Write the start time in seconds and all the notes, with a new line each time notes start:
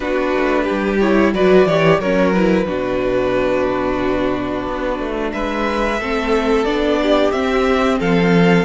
0.00 B3 D4 F#4 B4
0.36 A3
0.63 G4
0.70 G3
1.00 E4 C#5
1.33 F#3 F#4 B4 D5
1.65 E3 G4 C#5
1.99 F#3 C#4 A#4 C#5
2.33 E4 B4
2.66 B2 D4 F#4
4.67 B3
4.99 A3
5.32 G#3 B4 E5
5.99 A3 C4 A4
6.65 B3 D4 D5
7.02 G4
7.31 C4 E5
7.99 F3 A4 F5